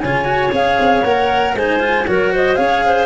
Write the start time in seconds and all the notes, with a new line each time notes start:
0.00 C#3 F4 C#5 G#5
0.25 F#4
0.52 C#4 G#4 F5
0.79 C4
1.03 A#3 A#4 F#5
1.54 G#3 D#4 C5 G#5
1.79 F4
2.07 F#3 F#4 A#4 C#5
2.32 C5 D#5
2.55 C#4 G#4 C#5 F5
2.86 C5